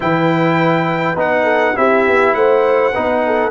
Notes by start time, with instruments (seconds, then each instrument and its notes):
0.00 tuba E3, trombone E4, horn B4, trumpet G5
1.15 tuba B3, trombone D#4, trumpet F#5
1.43 horn A4
1.75 tuba C4, trombone E4, horn G4, trumpet E5
2.07 tuba B3
2.34 tuba A3, horn C5, trumpet F#5
2.93 tuba B3, trombone D#4, horn B4
3.25 horn A4